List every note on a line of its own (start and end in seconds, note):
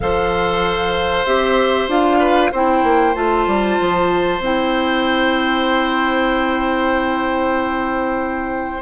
0.00 1.26 F3
0.00 1.26 A4
0.00 2.19 C5
0.00 1.25 F5
1.25 1.87 C4
1.25 1.89 G4
1.25 1.89 E5
1.87 2.51 D4
1.87 2.52 F4
1.87 2.53 F5
2.19 2.50 B4
2.51 2.83 C4
2.51 3.14 E4
2.51 8.81 C5
2.51 3.14 G5
2.83 3.15 A#3
3.14 3.46 A3
3.14 4.40 F4
3.14 4.41 A5
3.46 3.78 G3
3.80 4.39 F3
4.39 8.81 C4
4.39 8.81 E4
4.39 8.81 G5